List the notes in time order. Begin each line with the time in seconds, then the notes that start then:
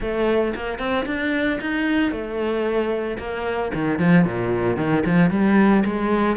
0.00 A3
0.55 A#3
0.78 C4
1.06 D4
1.60 D#4
2.11 A3
3.18 A#3
3.74 D#3
3.98 F3
4.24 A#2
4.76 D#3
5.05 F3
5.30 G3
5.85 G#3